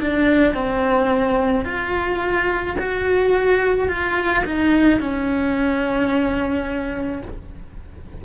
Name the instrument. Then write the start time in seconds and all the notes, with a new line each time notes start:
cello
0.00 D4
0.55 C4
1.65 F4
2.79 F#4
3.89 F4
4.45 D#4
5.00 C#4